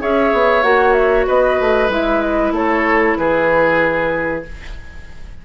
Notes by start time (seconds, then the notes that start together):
0.00 C#4 G#4 C#5 E5
0.33 B3
0.63 A#3 F#4 F#5
0.93 E5
1.27 B3 B4 D#5
1.60 A3
1.89 G#3 E4 E5
2.21 D#5
2.52 A3 A4 C#5
3.17 E3 G#4 B4